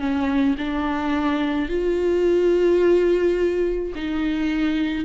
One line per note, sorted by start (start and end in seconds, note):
0.00 0.56 C#4
0.58 1.69 D4
1.69 3.93 F4
3.96 5.05 D#4